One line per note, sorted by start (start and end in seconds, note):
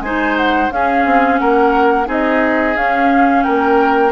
0.00 0.69 G#3
0.00 0.70 D#4
0.00 0.73 C5
0.00 0.36 G#5
0.36 0.71 F#5
0.70 2.05 C#4
0.70 1.05 C#4
0.70 1.40 G#4
0.70 1.38 F5
1.05 1.40 C4
1.38 2.07 A#3
1.38 2.07 A#4
1.38 2.07 F#5
2.05 2.75 C4
2.05 2.74 D#4
2.05 3.44 G#4
2.05 2.76 D#5
2.75 3.44 C#4
2.75 4.11 C#4
2.75 3.42 F5
3.42 4.11 A#3
3.42 4.11 A#4
3.42 4.11 G5